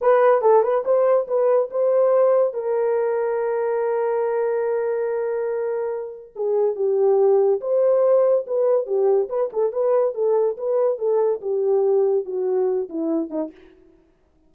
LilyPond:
\new Staff \with { instrumentName = "horn" } { \time 4/4 \tempo 4 = 142 b'4 a'8 b'8 c''4 b'4 | c''2 ais'2~ | ais'1~ | ais'2. gis'4 |
g'2 c''2 | b'4 g'4 b'8 a'8 b'4 | a'4 b'4 a'4 g'4~ | g'4 fis'4. e'4 dis'8 | }